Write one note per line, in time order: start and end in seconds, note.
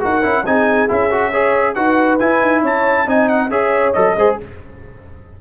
0.00 0.24 D#4
0.00 0.22 F#4
0.00 0.45 A#4
0.00 0.45 F#5
0.22 0.46 C#4
0.22 0.44 E4
0.45 0.89 C4
0.45 0.88 D#4
0.45 1.31 G#4
0.45 0.89 G#5
0.88 1.76 C#4
0.88 1.10 E4
0.88 1.74 E5
1.11 1.32 F#4
1.31 1.76 G#4
1.31 1.74 C#5
1.74 2.20 D#4
1.74 2.19 F#4
1.74 2.62 B4
1.74 2.18 F#5
2.19 3.06 E4
2.19 2.42 E4
2.19 2.62 G#5
2.42 2.63 D#4
2.62 3.06 C#4
2.62 3.06 C#5
2.62 3.09 A5
3.06 3.49 C4
3.06 3.50 D#4
3.06 3.50 D#5
3.06 3.28 G#5
3.28 3.50 F#5
3.49 3.93 C#4
3.49 3.94 G#4
3.49 4.15 C#5
3.49 3.93 E5
3.93 4.15 F#3
3.93 4.17 A4
3.93 4.36 D#5
4.15 4.37 G#3
4.15 4.40 G#4
4.15 4.39 C5